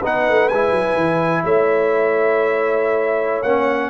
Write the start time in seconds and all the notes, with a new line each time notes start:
0.00 B3 D#4 B4 F#5
0.29 A3
0.49 G#3 E4 G#5
0.72 F#3
0.95 E3
1.44 A3 C#5 E5
3.43 A#3 C#4 F#5